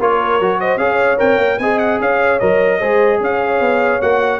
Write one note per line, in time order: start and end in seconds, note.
0.00 0.40 A#3
0.00 0.41 F4
0.00 0.60 A#4
0.00 0.60 C#5
0.40 0.77 F#3
0.40 0.79 F#4
0.60 0.79 C5
0.60 0.78 D#5
0.77 1.17 C#4
0.77 1.18 G#4
0.77 1.60 C#5
0.77 1.18 F5
1.18 1.37 C4
1.18 1.58 A#4
1.18 1.59 G5
1.37 1.58 A#3
1.59 1.99 C4
1.59 2.41 G#4
1.59 2.01 D#5
1.59 1.79 G#5
1.79 1.99 F#5
2.00 2.40 C#4
2.00 2.79 C#5
2.00 2.40 F5
2.40 2.81 F#3
2.40 2.81 A#4
2.40 3.20 D#5
2.79 3.20 G#3
2.79 4.02 G#4
2.79 3.19 C5
3.20 3.60 C#4
3.20 4.40 C#5
3.20 4.02 F5
3.60 4.01 B3
4.02 4.40 A#3
4.02 4.40 F#4
4.02 4.40 F#5